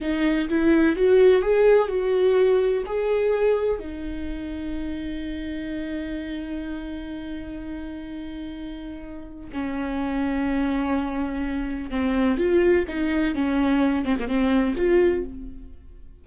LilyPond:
\new Staff \with { instrumentName = "viola" } { \time 4/4 \tempo 4 = 126 dis'4 e'4 fis'4 gis'4 | fis'2 gis'2 | dis'1~ | dis'1~ |
dis'1 | cis'1~ | cis'4 c'4 f'4 dis'4 | cis'4. c'16 ais16 c'4 f'4 | }